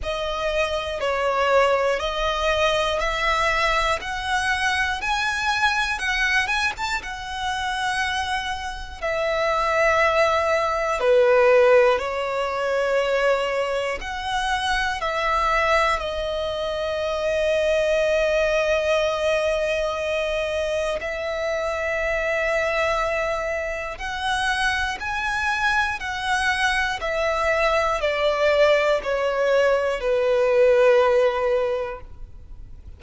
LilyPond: \new Staff \with { instrumentName = "violin" } { \time 4/4 \tempo 4 = 60 dis''4 cis''4 dis''4 e''4 | fis''4 gis''4 fis''8 gis''16 a''16 fis''4~ | fis''4 e''2 b'4 | cis''2 fis''4 e''4 |
dis''1~ | dis''4 e''2. | fis''4 gis''4 fis''4 e''4 | d''4 cis''4 b'2 | }